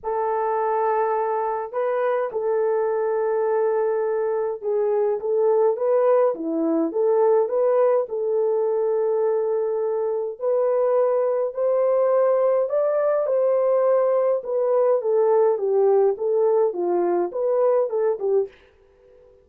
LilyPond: \new Staff \with { instrumentName = "horn" } { \time 4/4 \tempo 4 = 104 a'2. b'4 | a'1 | gis'4 a'4 b'4 e'4 | a'4 b'4 a'2~ |
a'2 b'2 | c''2 d''4 c''4~ | c''4 b'4 a'4 g'4 | a'4 f'4 b'4 a'8 g'8 | }